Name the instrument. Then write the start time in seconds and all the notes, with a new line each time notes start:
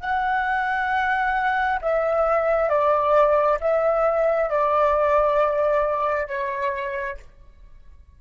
flute
0.00 F#5
1.81 E5
2.69 D5
3.60 E5
4.49 D5
6.27 C#5